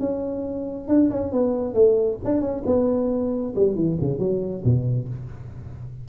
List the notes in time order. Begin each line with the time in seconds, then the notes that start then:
0.00 C#4
0.88 D4
1.11 C#4
1.32 B3
1.74 A3
2.24 D4
2.41 C#4
2.66 B3
3.56 G3
3.75 E3
4.01 C#3
4.19 F#3
4.64 B2